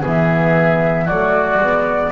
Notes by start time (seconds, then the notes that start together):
0.00 E3 B3 G#4
0.07 E5
1.05 F#3 A3 F#4 D5
1.58 G#3 B3